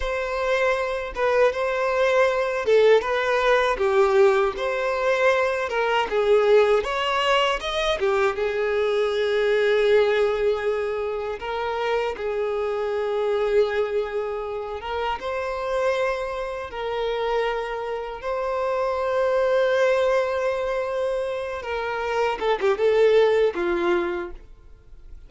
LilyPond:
\new Staff \with { instrumentName = "violin" } { \time 4/4 \tempo 4 = 79 c''4. b'8 c''4. a'8 | b'4 g'4 c''4. ais'8 | gis'4 cis''4 dis''8 g'8 gis'4~ | gis'2. ais'4 |
gis'2.~ gis'8 ais'8 | c''2 ais'2 | c''1~ | c''8 ais'4 a'16 g'16 a'4 f'4 | }